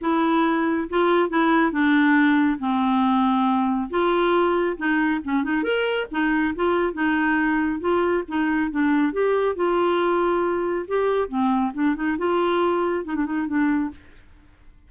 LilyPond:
\new Staff \with { instrumentName = "clarinet" } { \time 4/4 \tempo 4 = 138 e'2 f'4 e'4 | d'2 c'2~ | c'4 f'2 dis'4 | cis'8 dis'8 ais'4 dis'4 f'4 |
dis'2 f'4 dis'4 | d'4 g'4 f'2~ | f'4 g'4 c'4 d'8 dis'8 | f'2 dis'16 d'16 dis'8 d'4 | }